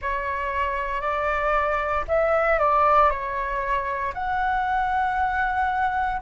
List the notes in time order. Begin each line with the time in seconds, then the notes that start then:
0.01 C#5
1.01 D5
2.08 E5
2.59 D5
3.09 C#5
4.14 F#5